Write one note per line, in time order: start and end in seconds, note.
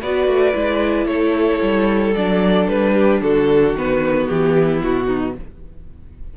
0.00 0.27 B3
0.00 0.54 F#4
0.00 1.07 B4
0.00 1.07 D5
0.27 0.54 A3
0.54 1.05 G#3
0.54 2.14 E4
1.05 1.59 A3
1.05 2.94 A4
1.05 2.14 C#5
1.62 2.16 G3
2.15 2.68 F#3
2.15 3.76 D4
2.15 2.68 D5
2.68 3.22 G3
2.68 3.22 B4
2.94 3.20 G4
3.22 3.73 D3
3.22 4.57 F#4
3.22 3.76 A4
3.73 4.27 D#3
3.73 5.37 B3
3.73 4.28 B4
4.28 4.82 E3
4.28 4.82 G4
4.58 5.07 E4
4.82 5.36 B2
4.82 5.37 F#4
5.07 5.34 D#4